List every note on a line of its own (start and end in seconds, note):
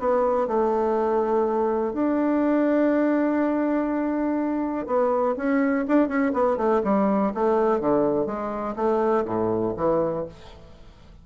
0.00 0.48 B3
0.48 1.94 A3
1.94 4.87 D4
4.87 5.36 B3
5.37 5.86 C#4
5.88 6.08 D4
6.08 6.33 C#4
6.34 6.58 B3
6.58 6.82 A3
6.84 7.33 G3
7.35 7.81 A3
7.81 8.27 D3
8.27 8.76 G#3
8.76 9.25 A3
9.25 9.74 A2
9.77 10.26 E3